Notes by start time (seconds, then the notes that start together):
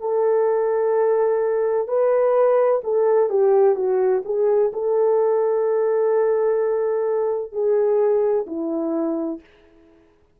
0.00 A4
1.87 B4
2.84 A4
3.29 G4
3.75 F#4
4.25 G#4
4.73 A4
7.52 G#4
8.46 E4